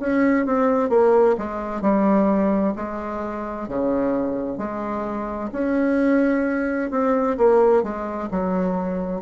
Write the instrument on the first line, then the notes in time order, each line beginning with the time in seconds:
bassoon
0.00 C#4
0.46 C4
0.90 A#3
1.38 G#3
1.82 G3
2.76 G#3
3.69 C#3
4.58 G#3
5.53 C#4
6.91 C4
7.38 A#3
7.83 G#3
8.31 F#3